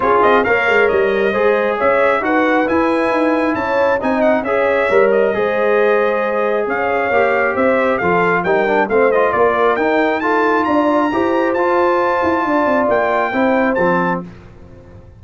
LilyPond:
<<
  \new Staff \with { instrumentName = "trumpet" } { \time 4/4 \tempo 4 = 135 cis''8 dis''8 f''4 dis''2 | e''4 fis''4 gis''2 | a''4 gis''8 fis''8 e''4. dis''8~ | dis''2. f''4~ |
f''4 e''4 f''4 g''4 | f''8 dis''8 d''4 g''4 a''4 | ais''2 a''2~ | a''4 g''2 a''4 | }
  \new Staff \with { instrumentName = "horn" } { \time 4/4 gis'4 cis''2 c''4 | cis''4 b'2. | cis''4 dis''4 cis''2 | c''2. cis''4~ |
cis''4 c''4 a'4 ais'4 | c''4 ais'2 a'4 | d''4 c''2. | d''2 c''2 | }
  \new Staff \with { instrumentName = "trombone" } { \time 4/4 f'4 ais'2 gis'4~ | gis'4 fis'4 e'2~ | e'4 dis'4 gis'4 ais'4 | gis'1 |
g'2 f'4 dis'8 d'8 | c'8 f'4. dis'4 f'4~ | f'4 g'4 f'2~ | f'2 e'4 c'4 | }
  \new Staff \with { instrumentName = "tuba" } { \time 4/4 cis'8 c'8 ais8 gis8 g4 gis4 | cis'4 dis'4 e'4 dis'4 | cis'4 c'4 cis'4 g4 | gis2. cis'4 |
ais4 c'4 f4 g4 | a4 ais4 dis'2 | d'4 e'4 f'4. e'8 | d'8 c'8 ais4 c'4 f4 | }
>>